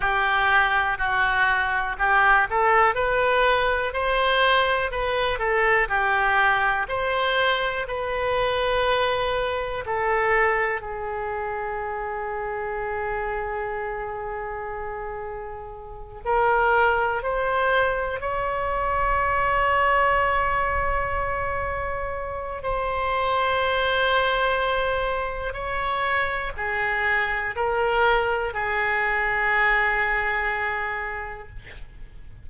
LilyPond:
\new Staff \with { instrumentName = "oboe" } { \time 4/4 \tempo 4 = 61 g'4 fis'4 g'8 a'8 b'4 | c''4 b'8 a'8 g'4 c''4 | b'2 a'4 gis'4~ | gis'1~ |
gis'8 ais'4 c''4 cis''4.~ | cis''2. c''4~ | c''2 cis''4 gis'4 | ais'4 gis'2. | }